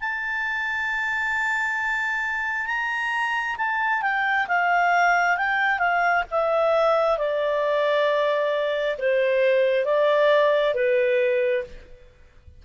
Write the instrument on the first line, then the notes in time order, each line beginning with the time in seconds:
clarinet
0.00 A5
2.66 A#5
3.57 A5
4.02 G5
4.47 F5
5.37 G5
5.78 F5
6.31 E5
7.18 D5
8.98 C5
9.85 D5
10.74 B4